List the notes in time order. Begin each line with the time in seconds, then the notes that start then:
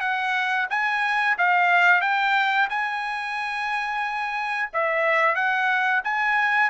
0.00 F#5
0.70 G#5
1.38 F5
2.01 G5
2.69 G#5
4.73 E5
5.35 F#5
6.04 G#5